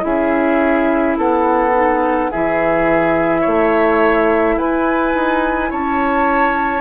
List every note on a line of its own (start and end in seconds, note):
0.00 1.17 C#4
0.00 1.70 E4
0.00 1.18 G#4
0.00 1.17 E5
1.17 2.30 B3
1.17 2.31 A4
1.17 2.32 F#5
1.73 2.29 D#4
2.31 3.46 E3
2.31 6.81 E4
2.31 3.41 G#4
2.31 4.58 E5
3.41 4.58 A3
3.41 4.54 C#5
4.58 5.14 E4
4.58 5.70 B4
4.58 5.71 G#5
5.14 5.71 D#4
5.70 6.81 C#4
5.70 6.81 C#5
5.70 6.81 A5